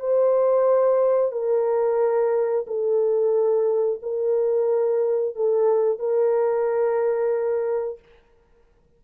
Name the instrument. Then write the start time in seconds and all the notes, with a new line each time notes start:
horn
0.00 C5
1.32 A#4
2.67 A4
4.03 A#4
5.35 A4
5.99 A#4